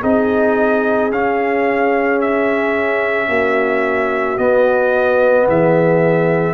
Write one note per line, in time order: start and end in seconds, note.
0.00 1.11 C4
0.00 1.11 D#4
0.00 3.27 G#4
0.00 1.12 D#5
1.11 3.28 C#4
1.11 4.38 C#4
1.11 2.21 F5
2.21 4.38 E5
3.28 4.37 A#3
3.28 5.47 F#4
4.38 5.47 B3
4.38 6.53 B3
4.38 5.47 D#5
5.47 6.53 E3
5.47 6.53 G#4
5.47 6.53 E5